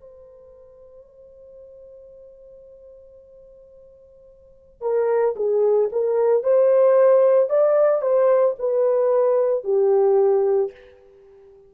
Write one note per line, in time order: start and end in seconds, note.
0.00 4.81 C5
4.81 5.35 A#4
5.36 5.90 G#4
5.92 6.43 A#4
6.43 7.50 C5
7.50 8.02 D5
8.02 8.55 C5
8.59 9.64 B4
9.64 10.71 G4